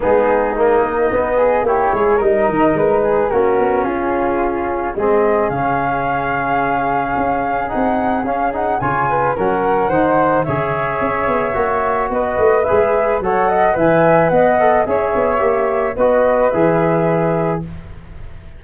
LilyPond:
<<
  \new Staff \with { instrumentName = "flute" } { \time 4/4 \tempo 4 = 109 gis'4 dis''2 cis''4 | dis''4 b'4 ais'4 gis'4~ | gis'4 dis''4 f''2~ | f''2 fis''4 f''8 fis''8 |
gis''4 fis''2 e''4~ | e''2 dis''4 e''4 | fis''4 gis''4 fis''4 e''4~ | e''4 dis''4 e''2 | }
  \new Staff \with { instrumentName = "flute" } { \time 4/4 dis'2~ dis'8 gis'8 g'8 gis'8 | ais'4. gis'8 fis'4 f'4~ | f'4 gis'2.~ | gis'1 |
cis''8 b'8 ais'4 c''4 cis''4~ | cis''2 b'2 | cis''8 dis''8 e''4 dis''4 cis''4~ | cis''4 b'2. | }
  \new Staff \with { instrumentName = "trombone" } { \time 4/4 b4 ais4 b4 e'4 | dis'2 cis'2~ | cis'4 c'4 cis'2~ | cis'2 dis'4 cis'8 dis'8 |
f'4 cis'4 dis'4 gis'4~ | gis'4 fis'2 gis'4 | a'4 b'4. a'8 gis'4 | g'4 fis'4 gis'2 | }
  \new Staff \with { instrumentName = "tuba" } { \time 4/4 gis4. ais8 b4 ais8 gis8 | g8 dis8 gis4 ais8 b8 cis'4~ | cis'4 gis4 cis2~ | cis4 cis'4 c'4 cis'4 |
cis4 fis4 dis4 cis4 | cis'8 b8 ais4 b8 a8 gis4 | fis4 e4 b4 cis'8 b8 | ais4 b4 e2 | }
>>